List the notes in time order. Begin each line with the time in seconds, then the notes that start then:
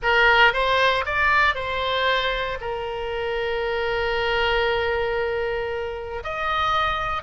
0.02 A#4
0.53 C5
1.05 D5
1.54 C5
2.61 A#4
6.23 D#5